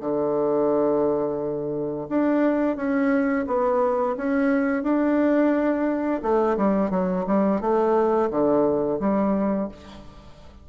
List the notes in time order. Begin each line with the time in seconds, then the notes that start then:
0.00 D3
2.09 D4
2.76 C#4
3.47 B3
4.17 C#4
4.83 D4
6.22 A3
6.57 G3
6.90 F#3
7.26 G3
7.61 A3
8.30 D3
8.99 G3